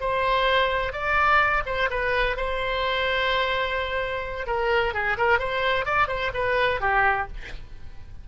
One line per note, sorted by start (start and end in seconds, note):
0.00 0.92 C5
0.92 1.63 D5
1.66 1.89 C5
1.90 2.37 B4
2.37 4.47 C5
4.47 4.93 A#4
4.93 5.17 G#4
5.17 5.39 A#4
5.39 5.85 C5
5.85 6.08 D5
6.08 6.31 C5
6.33 6.80 B4
6.80 7.27 G4